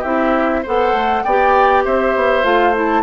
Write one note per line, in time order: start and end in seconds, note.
0.00 0.64 C4
0.00 0.64 E4
0.00 0.60 G4
0.00 0.63 E5
0.62 0.92 B3
0.62 1.25 A4
0.62 1.23 C5
0.62 1.23 F#5
0.92 1.22 A3
1.23 1.85 B3
1.23 2.43 G4
1.23 1.84 D5
1.23 1.83 G5
1.84 2.15 C4
1.84 3.02 C5
1.84 2.45 E5
2.15 2.44 B3
2.43 3.02 A3
2.43 2.73 F4
2.43 2.75 F5
2.74 3.02 E4
2.74 3.02 A5